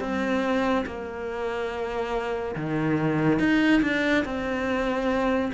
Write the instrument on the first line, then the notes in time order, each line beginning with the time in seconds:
cello
0.00 C4
0.86 A#3
2.55 D#3
3.39 D#4
3.82 D4
4.24 C4